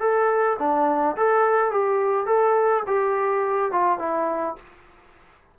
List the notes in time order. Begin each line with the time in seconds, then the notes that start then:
0.00 A4
0.59 D4
1.16 A4
1.71 G4
2.26 A4
2.87 G4
3.72 F4
3.99 E4